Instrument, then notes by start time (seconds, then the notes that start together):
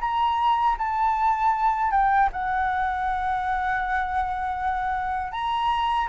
flute
0.00 A#5
0.78 A5
1.91 G5
2.32 F#5
5.32 A#5